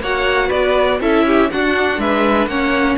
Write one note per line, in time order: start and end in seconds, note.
0.00 0.50 A#3
0.00 1.01 F#4
0.00 0.47 C#5
0.00 0.50 F#5
0.47 1.00 B3
0.47 0.97 B4
0.47 1.00 D5
1.00 1.49 C#4
1.00 1.50 E4
1.00 1.26 A4
1.00 1.51 E5
1.26 1.50 G4
1.51 2.50 D4
1.51 1.98 D4
1.51 2.00 F#4
1.51 2.00 F#5
1.98 2.46 G#3
1.98 2.50 B4
1.98 2.47 E5
2.46 2.96 A#3
2.46 2.98 C#4
2.46 2.98 C#5
2.46 2.97 F#5